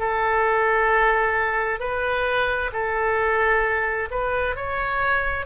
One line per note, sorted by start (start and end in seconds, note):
0.00 1.80 A4
1.80 2.71 B4
2.73 4.10 A4
4.11 4.57 B4
4.57 5.46 C#5